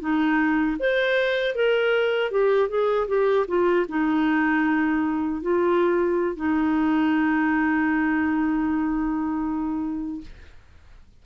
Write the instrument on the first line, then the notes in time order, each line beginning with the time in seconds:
clarinet
0.00 D#4
0.79 C5
1.55 A#4
2.31 G4
2.69 G#4
3.08 G4
3.48 F4
3.88 D#4
5.42 F4
6.36 D#4